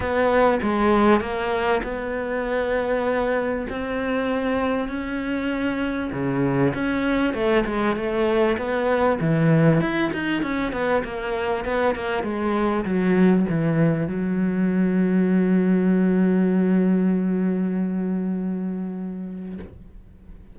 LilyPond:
\new Staff \with { instrumentName = "cello" } { \time 4/4 \tempo 4 = 98 b4 gis4 ais4 b4~ | b2 c'2 | cis'2 cis4 cis'4 | a8 gis8 a4 b4 e4 |
e'8 dis'8 cis'8 b8 ais4 b8 ais8 | gis4 fis4 e4 fis4~ | fis1~ | fis1 | }